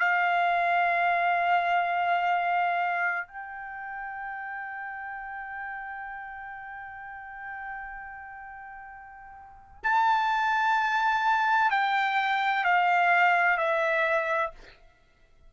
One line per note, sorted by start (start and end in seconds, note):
0.00 3.28 F5
3.28 9.84 G5
9.84 11.71 A5
11.71 12.65 G5
12.65 13.58 F5
13.58 14.51 E5